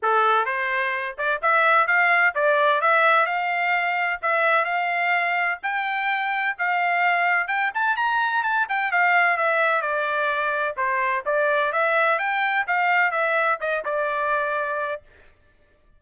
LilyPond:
\new Staff \with { instrumentName = "trumpet" } { \time 4/4 \tempo 4 = 128 a'4 c''4. d''8 e''4 | f''4 d''4 e''4 f''4~ | f''4 e''4 f''2 | g''2 f''2 |
g''8 a''8 ais''4 a''8 g''8 f''4 | e''4 d''2 c''4 | d''4 e''4 g''4 f''4 | e''4 dis''8 d''2~ d''8 | }